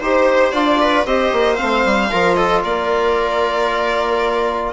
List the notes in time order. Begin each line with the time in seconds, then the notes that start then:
0.00 D#4 G4 C5
0.52 D4 F4 D5
0.81 B4
1.05 C4 G4 C5 D#5
1.33 A#3
1.56 A3 C4 F5
1.85 G3
2.11 F3 F4 A#4
2.35 A4 D#5
2.62 A#3 A#4 D5